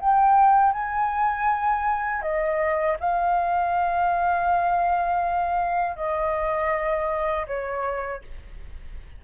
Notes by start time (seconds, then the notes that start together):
0.00 G5
0.73 G#5
2.22 D#5
3.00 F5
5.96 D#5
7.47 C#5